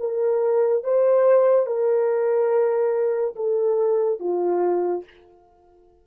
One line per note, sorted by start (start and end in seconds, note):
0.00 0.84 A#4
0.84 1.67 C5
1.67 3.36 A#4
3.36 4.20 A4
4.20 5.05 F4